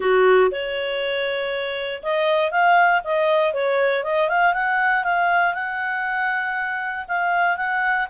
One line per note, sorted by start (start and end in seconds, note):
0.00 0.50 F#4
0.51 2.02 C#5
2.02 2.51 D#5
2.51 3.01 F5
3.04 3.53 D#5
3.53 4.03 C#5
4.03 4.28 D#5
4.28 4.53 F5
4.53 5.04 F#5
5.04 5.54 F5
5.54 7.05 F#5
7.07 7.57 F5
7.57 8.07 F#5